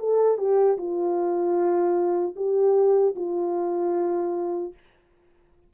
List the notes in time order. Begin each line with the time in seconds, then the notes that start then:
0.00 A4
0.38 G4
0.78 F4
2.36 G4
3.16 F4